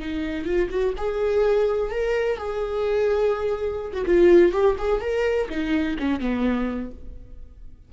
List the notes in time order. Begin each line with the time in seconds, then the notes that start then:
0.00 D#4
0.45 F4
0.70 F#4
0.97 G#4
1.91 A#4
2.38 G#4
3.93 F#4
4.06 F4
4.52 G4
4.78 G#4
5.01 A#4
5.50 D#4
5.99 C#4
6.20 B3